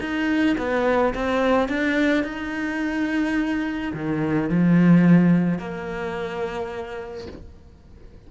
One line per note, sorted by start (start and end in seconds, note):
0.00 0.56 D#4
0.58 1.14 B3
1.14 1.68 C4
1.68 2.24 D4
2.24 3.92 D#4
3.93 4.49 D#3
4.49 5.58 F3
5.58 7.27 A#3